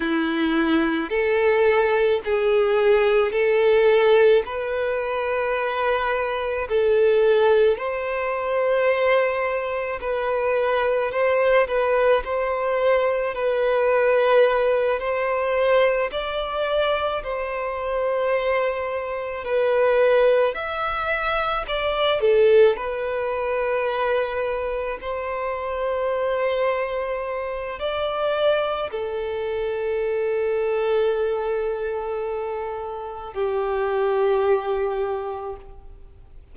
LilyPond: \new Staff \with { instrumentName = "violin" } { \time 4/4 \tempo 4 = 54 e'4 a'4 gis'4 a'4 | b'2 a'4 c''4~ | c''4 b'4 c''8 b'8 c''4 | b'4. c''4 d''4 c''8~ |
c''4. b'4 e''4 d''8 | a'8 b'2 c''4.~ | c''4 d''4 a'2~ | a'2 g'2 | }